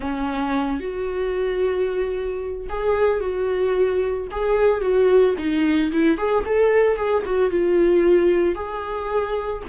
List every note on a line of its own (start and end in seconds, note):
0.00 0.79 C#4
0.80 2.67 F#4
2.69 3.20 G#4
3.20 4.27 F#4
4.31 4.81 G#4
4.81 5.34 F#4
5.38 5.91 D#4
5.92 6.17 E4
6.17 6.44 G#4
6.45 6.96 A4
6.96 7.23 G#4
7.25 7.50 F#4
7.50 8.55 F4
8.55 9.62 G#4